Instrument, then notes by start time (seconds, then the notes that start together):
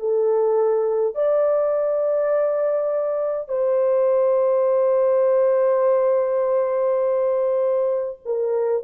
horn
0.00 A4
1.15 D5
3.49 C5
8.26 A#4